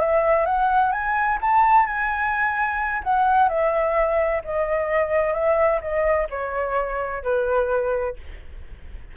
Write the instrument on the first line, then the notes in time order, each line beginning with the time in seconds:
flute
0.00 E5
0.46 F#5
0.92 G#5
1.41 A5
1.86 G#5
3.04 F#5
3.49 E5
4.44 D#5
5.34 E5
5.81 D#5
6.30 C#5
7.23 B4